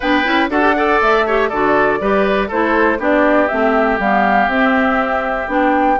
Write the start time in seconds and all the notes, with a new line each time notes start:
0.00 B3 D4 B4 G5
0.24 C#4 E4
0.49 D4 F#4 A4 F#5
0.61 G4
0.76 A4 D5
1.01 A3 E5
1.26 G4 C#5
1.48 D3 F#4 A4 D5
2.00 G3 G4 B4
2.48 A3 E4 A4 C5
2.99 B3 D4 G4 D5
3.48 A3 C4 E5
3.98 G3 B3 F5
4.47 C4 E5
5.47 B3 D4 G5